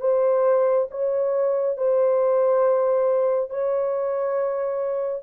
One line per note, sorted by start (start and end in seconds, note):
0.00 0.87 C5
0.91 1.77 C#5
1.77 3.49 C5
3.49 5.23 C#5